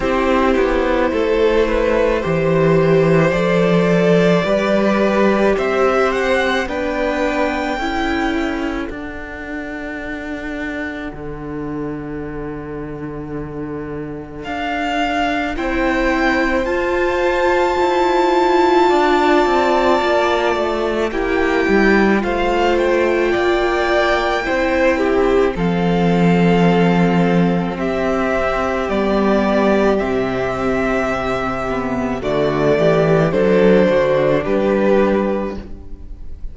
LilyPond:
<<
  \new Staff \with { instrumentName = "violin" } { \time 4/4 \tempo 4 = 54 c''2. d''4~ | d''4 e''8 fis''8 g''2 | fis''1~ | fis''4 f''4 g''4 a''4~ |
a''2. g''4 | f''8 g''2~ g''8 f''4~ | f''4 e''4 d''4 e''4~ | e''4 d''4 c''4 b'4 | }
  \new Staff \with { instrumentName = "violin" } { \time 4/4 g'4 a'8 b'8 c''2 | b'4 c''4 b'4 a'4~ | a'1~ | a'2 c''2~ |
c''4 d''2 g'4 | c''4 d''4 c''8 g'8 a'4~ | a'4 g'2.~ | g'4 fis'8 g'8 a'8 fis'8 g'4 | }
  \new Staff \with { instrumentName = "viola" } { \time 4/4 e'2 g'4 a'4 | g'2 d'4 e'4 | d'1~ | d'2 e'4 f'4~ |
f'2. e'4 | f'2 e'4 c'4~ | c'2 b4 c'4~ | c'8 b8 a4 d'2 | }
  \new Staff \with { instrumentName = "cello" } { \time 4/4 c'8 b8 a4 e4 f4 | g4 c'4 b4 cis'4 | d'2 d2~ | d4 d'4 c'4 f'4 |
e'4 d'8 c'8 ais8 a8 ais8 g8 | a4 ais4 c'4 f4~ | f4 c'4 g4 c4~ | c4 d8 e8 fis8 d8 g4 | }
>>